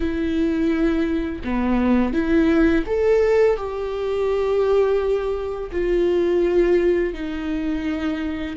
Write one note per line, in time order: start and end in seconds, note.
0.00 1.42 E4
1.44 2.13 B3
2.13 2.84 E4
2.86 3.56 A4
3.56 5.70 G4
5.71 7.13 F4
7.13 8.56 D#4